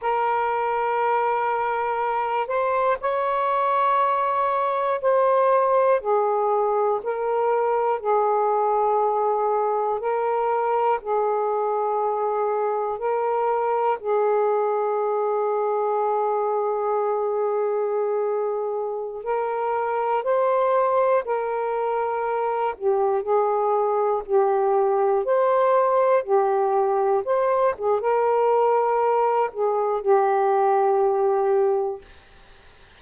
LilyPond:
\new Staff \with { instrumentName = "saxophone" } { \time 4/4 \tempo 4 = 60 ais'2~ ais'8 c''8 cis''4~ | cis''4 c''4 gis'4 ais'4 | gis'2 ais'4 gis'4~ | gis'4 ais'4 gis'2~ |
gis'2.~ gis'16 ais'8.~ | ais'16 c''4 ais'4. g'8 gis'8.~ | gis'16 g'4 c''4 g'4 c''8 gis'16 | ais'4. gis'8 g'2 | }